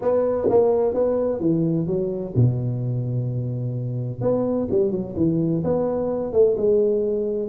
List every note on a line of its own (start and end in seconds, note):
0.01 0.48 B3
0.49 0.94 A#3
0.94 1.40 B3
1.40 1.86 E3
1.86 2.33 F#3
2.35 4.21 B2
4.21 4.67 B3
4.70 4.91 G3
4.91 5.14 F#3
5.16 5.63 E3
5.64 6.32 B3
6.32 6.56 A3
6.57 7.48 G#3